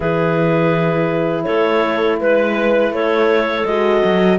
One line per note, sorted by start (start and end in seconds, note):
0.00 1.45 E3
0.00 3.66 E4
0.00 1.45 G#4
0.00 1.43 B4
1.43 2.21 A3
1.43 2.18 A4
1.43 2.16 C#5
2.19 2.91 G#3
2.19 2.92 B4
2.19 2.94 B4
2.91 3.64 A3
2.91 4.39 A4
2.91 3.65 C#5
3.65 4.02 G#3
3.65 4.39 F#4
3.65 4.38 D#5
4.04 4.39 F#3